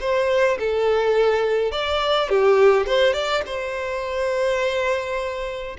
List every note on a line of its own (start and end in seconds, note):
0.00 0.58 C5
0.59 1.72 A4
1.72 2.29 D5
2.29 2.86 G4
2.86 3.13 C5
3.13 3.42 D5
3.45 5.76 C5